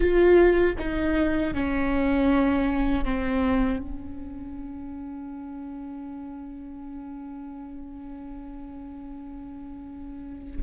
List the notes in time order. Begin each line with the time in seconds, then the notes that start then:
0.00 F4
0.78 D#4
1.54 C#4
3.04 C4
3.78 C#4